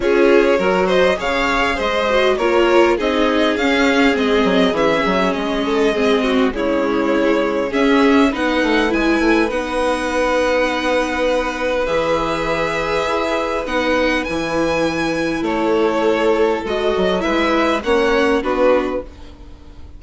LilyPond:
<<
  \new Staff \with { instrumentName = "violin" } { \time 4/4 \tempo 4 = 101 cis''4. dis''8 f''4 dis''4 | cis''4 dis''4 f''4 dis''4 | e''4 dis''2 cis''4~ | cis''4 e''4 fis''4 gis''4 |
fis''1 | e''2. fis''4 | gis''2 cis''2 | dis''4 e''4 fis''4 b'4 | }
  \new Staff \with { instrumentName = "violin" } { \time 4/4 gis'4 ais'8 c''8 cis''4 c''4 | ais'4 gis'2.~ | gis'4. a'8 gis'8 fis'8 e'4~ | e'4 gis'4 b'2~ |
b'1~ | b'1~ | b'2 a'2~ | a'4 b'4 cis''4 fis'4 | }
  \new Staff \with { instrumentName = "viola" } { \time 4/4 f'4 fis'4 gis'4. fis'8 | f'4 dis'4 cis'4 c'4 | cis'2 c'4 gis4~ | gis4 cis'4 dis'4 e'4 |
dis'1 | gis'2. dis'4 | e'1 | fis'4 e'4 cis'4 d'4 | }
  \new Staff \with { instrumentName = "bassoon" } { \time 4/4 cis'4 fis4 cis4 gis4 | ais4 c'4 cis'4 gis8 fis8 | e8 fis8 gis2 cis4~ | cis4 cis'4 b8 a8 gis8 a8 |
b1 | e2 e'4 b4 | e2 a2 | gis8 fis8 gis4 ais4 b4 | }
>>